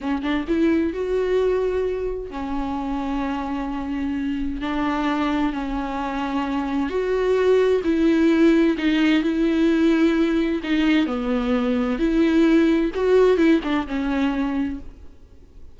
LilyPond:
\new Staff \with { instrumentName = "viola" } { \time 4/4 \tempo 4 = 130 cis'8 d'8 e'4 fis'2~ | fis'4 cis'2.~ | cis'2 d'2 | cis'2. fis'4~ |
fis'4 e'2 dis'4 | e'2. dis'4 | b2 e'2 | fis'4 e'8 d'8 cis'2 | }